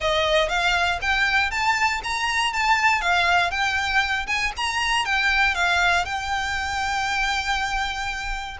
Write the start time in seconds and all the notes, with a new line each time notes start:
0.00 D#5
0.48 F5
1.01 G5
1.50 A5
2.03 A#5
2.53 A5
3.01 F5
3.50 G5
4.27 G#5
4.56 A#5
5.05 G5
5.54 F5
6.05 G5